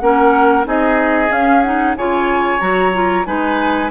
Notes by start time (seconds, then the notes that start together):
0.00 A#3 C#4 A#4 F#5
0.64 C4 D#4 G#4 D#5
1.29 C#4 F5
1.62 D#4 F#5
1.96 C#3 F4 C#5 G#5
2.60 F#3 F#4 A#5
2.94 F4
3.25 G#3 D#4 B4 G#5